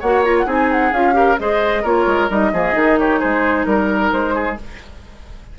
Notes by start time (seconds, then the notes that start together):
0.00 A#3 F#4 C#5 F#5
0.25 F4 A#5
0.37 F#5
0.45 C4 D#4 G#4 G#5
0.72 F#5
0.92 C#4 F4 F5
1.13 G4 A#4
1.39 G#3 G#4 C5 D#5
1.82 A#3 F4 A#4 C#5
2.06 G#3
2.29 G3 D#4 D#5
2.53 F3 A#3 G#4
2.73 D#3 D#4
2.99 G4 C#5
3.20 G#3 G#4 C5
3.65 G3 A#4
4.12 G#3 C5
4.35 G#4